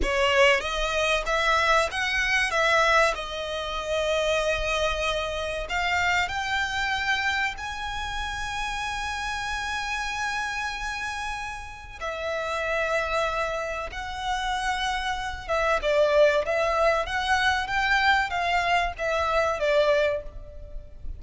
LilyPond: \new Staff \with { instrumentName = "violin" } { \time 4/4 \tempo 4 = 95 cis''4 dis''4 e''4 fis''4 | e''4 dis''2.~ | dis''4 f''4 g''2 | gis''1~ |
gis''2. e''4~ | e''2 fis''2~ | fis''8 e''8 d''4 e''4 fis''4 | g''4 f''4 e''4 d''4 | }